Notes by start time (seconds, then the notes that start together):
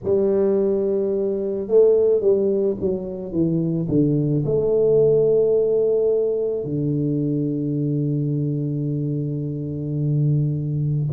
0.03 G3
1.68 A3
2.20 G3
2.80 F#3
3.31 E3
3.88 D3
4.45 A3
6.64 D3